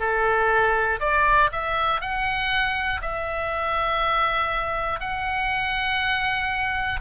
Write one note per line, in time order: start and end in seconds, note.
0.00 1.00 A4
1.00 1.50 D5
1.52 2.01 E5
2.01 3.01 F#5
3.02 5.00 E5
5.00 7.00 F#5